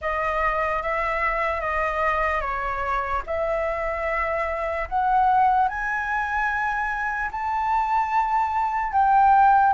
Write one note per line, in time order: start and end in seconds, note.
0.01 0.82 D#5
0.82 1.60 E5
1.60 2.40 D#5
2.40 3.21 C#5
3.26 4.88 E5
4.88 5.68 F#5
5.68 7.30 G#5
7.31 8.92 A5
8.92 9.73 G5